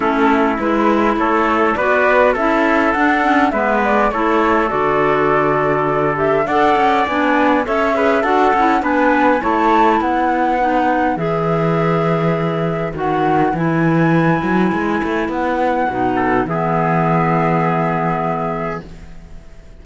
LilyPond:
<<
  \new Staff \with { instrumentName = "flute" } { \time 4/4 \tempo 4 = 102 a'4 b'4 cis''4 d''4 | e''4 fis''4 e''8 d''8 cis''4 | d''2~ d''8 e''8 fis''4 | gis''4 e''4 fis''4 gis''4 |
a''4 fis''2 e''4~ | e''2 fis''4 gis''4~ | gis''2 fis''2 | e''1 | }
  \new Staff \with { instrumentName = "trumpet" } { \time 4/4 e'2 a'4 b'4 | a'2 b'4 a'4~ | a'2. d''4~ | d''4 cis''8 b'8 a'4 b'4 |
cis''4 b'2.~ | b'1~ | b'2.~ b'8 a'8 | gis'1 | }
  \new Staff \with { instrumentName = "clarinet" } { \time 4/4 cis'4 e'2 fis'4 | e'4 d'8 cis'8 b4 e'4 | fis'2~ fis'8 g'8 a'4 | d'4 a'8 gis'8 fis'8 e'8 d'4 |
e'2 dis'4 gis'4~ | gis'2 fis'4 e'4~ | e'2. dis'4 | b1 | }
  \new Staff \with { instrumentName = "cello" } { \time 4/4 a4 gis4 a4 b4 | cis'4 d'4 gis4 a4 | d2. d'8 cis'8 | b4 cis'4 d'8 cis'8 b4 |
a4 b2 e4~ | e2 dis4 e4~ | e8 fis8 gis8 a8 b4 b,4 | e1 | }
>>